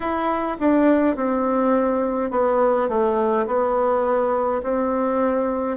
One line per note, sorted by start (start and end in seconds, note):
0.00 0.57 E4
0.59 1.15 D4
1.15 2.31 C4
2.31 2.88 B3
2.88 3.46 A3
3.46 4.62 B3
4.62 5.77 C4